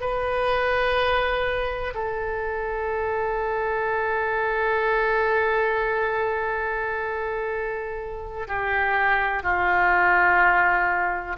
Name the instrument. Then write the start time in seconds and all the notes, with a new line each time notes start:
oboe
0.00 B4
1.94 A4
8.48 G4
9.43 F4